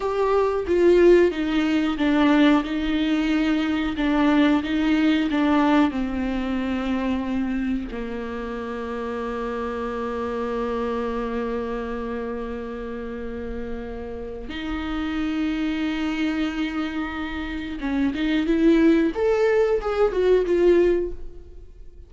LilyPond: \new Staff \with { instrumentName = "viola" } { \time 4/4 \tempo 4 = 91 g'4 f'4 dis'4 d'4 | dis'2 d'4 dis'4 | d'4 c'2. | ais1~ |
ais1~ | ais2 dis'2~ | dis'2. cis'8 dis'8 | e'4 a'4 gis'8 fis'8 f'4 | }